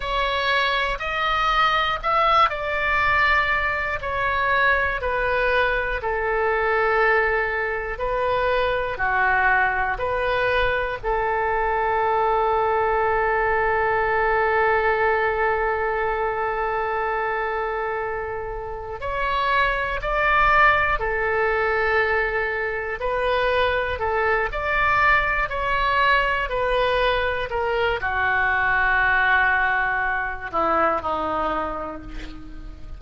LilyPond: \new Staff \with { instrumentName = "oboe" } { \time 4/4 \tempo 4 = 60 cis''4 dis''4 e''8 d''4. | cis''4 b'4 a'2 | b'4 fis'4 b'4 a'4~ | a'1~ |
a'2. cis''4 | d''4 a'2 b'4 | a'8 d''4 cis''4 b'4 ais'8 | fis'2~ fis'8 e'8 dis'4 | }